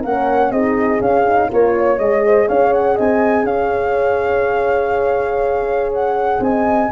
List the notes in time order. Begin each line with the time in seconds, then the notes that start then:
0.00 A#3 C#4 A#4 F#5
0.51 C4 D#4 G#4 D#5
0.99 C#4 F5
1.26 D#4
1.48 A#3 F4 A#4 C#5
1.77 C#5
1.98 G#3 G#4 D#5
2.25 C5
2.47 C#4 C#5 F5
2.73 F#5
2.95 C4 D#5 G#5
3.43 C#4 C#5 F5
5.93 F#5
6.40 C4 D#5 G#5